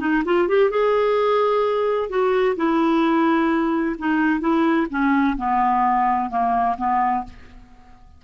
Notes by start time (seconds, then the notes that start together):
0.00 D#4
0.25 F4
0.48 G4
0.71 G#4
2.10 F#4
2.57 E4
3.99 D#4
4.41 E4
4.91 C#4
5.37 B3
6.30 A#3
6.78 B3